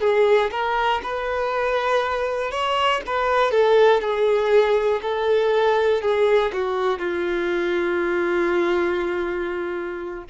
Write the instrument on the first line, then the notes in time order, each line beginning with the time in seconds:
violin
0.00 G#4
0.51 A#4
1.03 B4
2.51 C#5
3.06 B4
3.51 A4
4.00 G#4
5.02 A4
6.02 G#4
6.53 F#4
6.99 F4